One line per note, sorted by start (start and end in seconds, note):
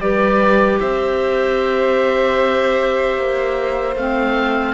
0.00 0.79 G3
0.00 3.96 G4
0.00 0.80 B4
0.00 0.79 D5
0.80 3.17 C4
0.80 4.74 C5
0.80 3.95 E5
3.17 3.96 A#3
3.96 4.74 A3
3.96 4.74 C4
3.96 4.74 F5